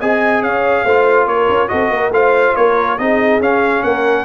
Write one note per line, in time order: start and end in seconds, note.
0.00 0.42 C4
0.00 0.87 G#4
0.00 0.43 D#5
0.00 0.43 G#5
0.42 0.84 C#4
0.42 0.85 C#5
0.42 1.28 F5
0.85 1.27 A3
0.85 1.68 F4
0.85 1.28 C5
1.27 1.48 A#3
1.27 1.70 A#4
1.27 1.69 C#5
1.49 1.70 C#4
1.68 1.90 C4
1.68 2.11 F#4
1.68 1.92 A4
1.68 2.11 D#5
1.90 2.10 A#3
1.90 2.15 A#4
2.10 2.52 A3
2.10 2.99 F4
2.10 2.58 C5
2.10 2.56 F5
2.56 2.99 A#3
2.56 3.00 A#4
2.56 2.99 C#5
2.99 3.40 C4
2.99 3.42 D#4
2.99 3.85 G#4
2.99 3.41 D#5
3.40 3.83 C#4
3.40 4.25 C#4
3.40 3.83 F5
3.83 4.25 A#3
3.83 4.25 A#4
3.83 4.25 F#5